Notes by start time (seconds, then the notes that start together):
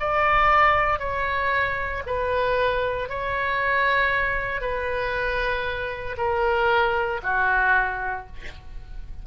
0.00 D5
0.99 C#5
2.06 B4
3.09 C#5
4.61 B4
6.17 A#4
7.23 F#4